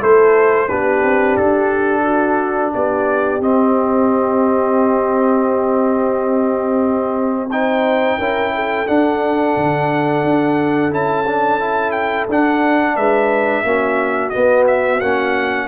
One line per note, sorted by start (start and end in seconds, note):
0.00 0.71 A3
0.00 0.68 E4
0.00 0.68 A4
0.00 0.69 C5
0.69 1.03 B3
0.69 3.41 D4
0.69 2.03 G4
0.69 1.37 B4
1.03 1.37 C4
1.37 2.74 D4
1.37 2.73 A4
2.03 2.71 F#4
2.73 3.40 B3
2.73 7.51 G4
2.73 3.42 D5
3.40 8.18 C4
3.40 7.50 C4
3.40 7.51 D#5
7.51 8.20 D#4
7.51 8.18 C5
7.51 8.87 G5
8.18 8.87 C#4
8.18 8.87 E4
8.18 8.53 A#4
8.55 12.96 A4
8.87 10.91 D4
8.87 9.57 D4
8.87 10.92 F#5
9.57 10.24 D3
10.24 10.91 D4
10.91 12.27 C#4
10.91 11.25 E4
10.91 11.92 A5
11.27 11.60 D4
11.60 12.28 E4
11.92 12.26 G5
12.29 12.97 D4
12.29 13.65 D4
12.29 12.97 F#5
12.96 13.64 G#3
12.96 13.64 B4
12.96 14.30 E5
13.64 14.32 A#3
13.64 14.33 C#4
13.64 15.68 F#4
14.30 15.01 B3
14.30 14.64 D#5
14.36 15.02 B3
14.67 15.01 E5
15.01 15.68 A#3
15.01 15.68 C#4
15.01 15.68 F#5